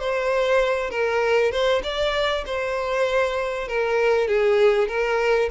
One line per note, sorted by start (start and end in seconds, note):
0.00 0.91 C5
0.91 1.52 A#4
1.52 1.83 C5
1.84 2.45 D5
2.47 3.68 C5
3.68 4.28 A#4
4.28 4.88 G#4
4.88 5.49 A#4